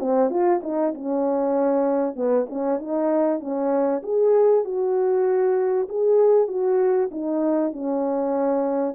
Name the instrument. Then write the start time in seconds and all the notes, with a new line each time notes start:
horn
0.00 C4
0.30 F4
0.63 D#4
0.95 C#4
2.16 B3
2.50 C#4
2.79 D#4
3.41 C#4
4.03 G#4
4.65 F#4
5.89 G#4
6.48 F#4
7.12 D#4
7.73 C#4